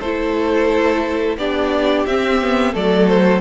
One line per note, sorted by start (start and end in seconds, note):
0.00 1.37 A3
0.00 1.39 E4
0.00 1.36 A4
0.00 1.37 C5
1.37 2.05 B3
1.37 2.07 D4
1.37 2.73 G4
1.37 2.06 D5
2.06 2.74 C4
2.06 2.41 C4
2.06 2.74 E5
2.41 2.73 B3
2.73 3.41 F#3
2.73 3.41 A3
2.73 3.41 A4
2.73 3.07 D5
3.07 3.41 C5